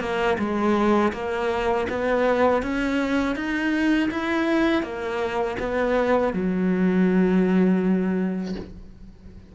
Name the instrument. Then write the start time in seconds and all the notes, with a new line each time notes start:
cello
0.00 A#3
0.38 G#3
1.13 A#3
1.89 B3
2.62 C#4
3.35 D#4
4.10 E4
4.82 A#3
5.59 B3
6.33 F#3